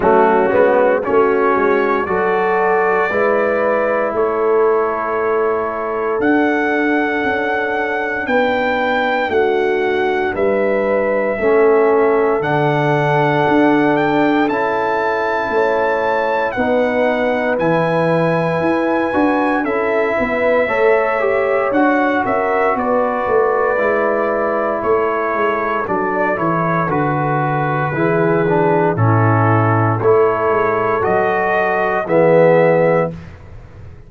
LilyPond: <<
  \new Staff \with { instrumentName = "trumpet" } { \time 4/4 \tempo 4 = 58 fis'4 cis''4 d''2 | cis''2 fis''2 | g''4 fis''4 e''2 | fis''4. g''8 a''2 |
fis''4 gis''2 e''4~ | e''4 fis''8 e''8 d''2 | cis''4 d''8 cis''8 b'2 | a'4 cis''4 dis''4 e''4 | }
  \new Staff \with { instrumentName = "horn" } { \time 4/4 cis'4 fis'4 a'4 b'4 | a'1 | b'4 fis'4 b'4 a'4~ | a'2. cis''4 |
b'2. a'8 b'8 | cis''4. ais'8 b'2 | a'2. gis'4 | e'4 a'2 gis'4 | }
  \new Staff \with { instrumentName = "trombone" } { \time 4/4 a8 b8 cis'4 fis'4 e'4~ | e'2 d'2~ | d'2. cis'4 | d'2 e'2 |
dis'4 e'4. fis'8 e'4 | a'8 g'8 fis'2 e'4~ | e'4 d'8 e'8 fis'4 e'8 d'8 | cis'4 e'4 fis'4 b4 | }
  \new Staff \with { instrumentName = "tuba" } { \time 4/4 fis8 gis8 a8 gis8 fis4 gis4 | a2 d'4 cis'4 | b4 a4 g4 a4 | d4 d'4 cis'4 a4 |
b4 e4 e'8 d'8 cis'8 b8 | a4 d'8 cis'8 b8 a8 gis4 | a8 gis8 fis8 e8 d4 e4 | a,4 a8 gis8 fis4 e4 | }
>>